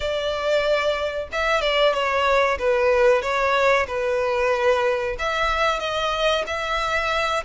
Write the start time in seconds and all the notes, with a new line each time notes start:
0.00 D5
1.32 E5
1.61 D5
1.93 C#5
2.58 B4
3.22 C#5
3.87 B4
5.18 E5
5.79 D#5
6.46 E5